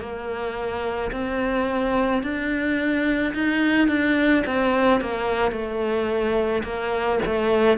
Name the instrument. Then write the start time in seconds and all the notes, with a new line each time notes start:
cello
0.00 A#3
1.12 C4
2.23 D4
3.34 D#4
3.88 D4
4.46 C4
5.01 A#3
5.52 A3
6.64 A#3
7.25 A3